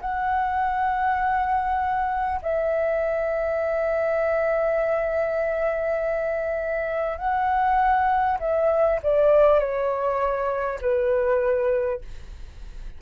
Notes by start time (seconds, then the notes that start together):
0.00 F#5
2.42 E5
7.17 F#5
8.39 E5
9.03 D5
9.59 C#5
10.81 B4